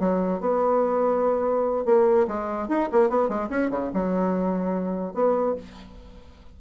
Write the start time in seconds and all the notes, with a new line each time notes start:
0.00 F#3
0.41 B3
1.86 A#3
2.28 G#3
2.69 D#4
2.93 A#3
3.10 B3
3.29 G#3
3.50 C#4
3.71 C#3
3.94 F#3
5.14 B3